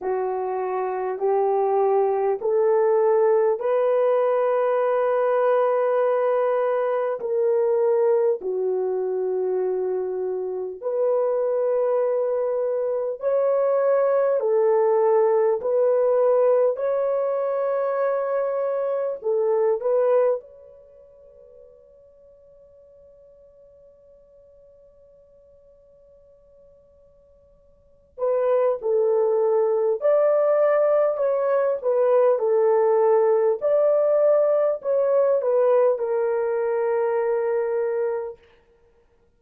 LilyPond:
\new Staff \with { instrumentName = "horn" } { \time 4/4 \tempo 4 = 50 fis'4 g'4 a'4 b'4~ | b'2 ais'4 fis'4~ | fis'4 b'2 cis''4 | a'4 b'4 cis''2 |
a'8 b'8 cis''2.~ | cis''2.~ cis''8 b'8 | a'4 d''4 cis''8 b'8 a'4 | d''4 cis''8 b'8 ais'2 | }